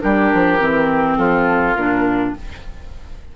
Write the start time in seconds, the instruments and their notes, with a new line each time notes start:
0.00 bassoon G3, clarinet D4, oboe G4, flute A#4
0.34 bassoon F3
0.60 bassoon E3, clarinet C4
1.17 bassoon F3, oboe F4, flute A4
1.75 bassoon A#2, clarinet D4, flute A#4